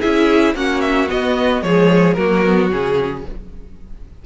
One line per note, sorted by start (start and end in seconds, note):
0.00 0.54 C#4
0.00 0.55 E4
0.00 0.54 G#4
0.00 0.55 E5
0.54 1.08 A#3
0.54 1.07 C#4
0.54 1.64 F#4
0.54 0.81 F#5
0.81 1.08 E5
1.07 1.61 B3
1.07 1.62 B3
1.07 1.62 D#5
1.62 2.16 F3
1.62 2.16 G#3
1.62 2.17 G#4
1.62 2.13 C#5
2.13 2.71 F#3
2.13 2.45 A#3
2.13 3.25 F#4
2.13 2.67 A#4
2.45 2.70 B3
2.70 3.25 C#3
2.70 3.25 C#4
2.70 3.25 G#4